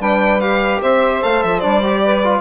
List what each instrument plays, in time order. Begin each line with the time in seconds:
0.00 bassoon G3, trombone D4, saxophone B4, violin G5
0.40 trombone G4, violin F5
0.81 bassoon C4, saxophone C5, violin E5
1.22 bassoon A3, trombone A4, violin F5
1.43 bassoon F3, violin E5
1.59 bassoon G3, trombone D4, violin D5
1.83 trombone G4
2.04 saxophone B4
2.24 trombone F4